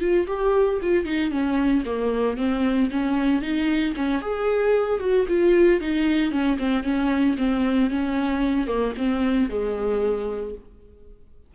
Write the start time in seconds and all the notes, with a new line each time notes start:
0.00 F4
0.27 G4
0.82 F4
1.05 D#4
1.31 C#4
1.85 A#3
2.37 C4
2.90 C#4
3.42 D#4
3.96 C#4
4.21 G#4
5.00 F#4
5.28 F4
5.81 D#4
6.31 C#4
6.58 C4
6.83 C#4
7.38 C4
7.90 C#4
8.67 A#3
8.97 C4
9.49 G#3